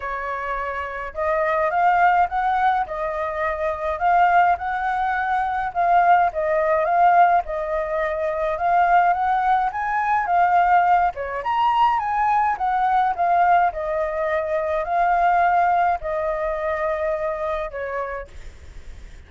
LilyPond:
\new Staff \with { instrumentName = "flute" } { \time 4/4 \tempo 4 = 105 cis''2 dis''4 f''4 | fis''4 dis''2 f''4 | fis''2 f''4 dis''4 | f''4 dis''2 f''4 |
fis''4 gis''4 f''4. cis''8 | ais''4 gis''4 fis''4 f''4 | dis''2 f''2 | dis''2. cis''4 | }